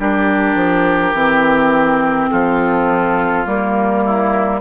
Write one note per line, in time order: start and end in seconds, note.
0.00 0.56 G3
0.00 1.15 D4
0.00 2.31 G4
0.00 2.31 A#4
0.56 1.13 F3
1.14 2.29 E3
1.14 3.45 C4
2.31 3.47 F3
2.31 4.04 F4
2.31 3.46 A4
3.45 4.61 G3
3.45 4.61 A#3
3.45 4.61 A#4
4.05 4.61 E4